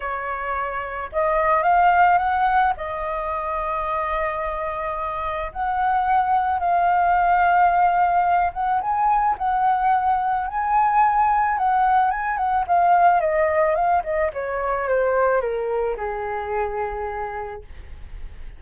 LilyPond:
\new Staff \with { instrumentName = "flute" } { \time 4/4 \tempo 4 = 109 cis''2 dis''4 f''4 | fis''4 dis''2.~ | dis''2 fis''2 | f''2.~ f''8 fis''8 |
gis''4 fis''2 gis''4~ | gis''4 fis''4 gis''8 fis''8 f''4 | dis''4 f''8 dis''8 cis''4 c''4 | ais'4 gis'2. | }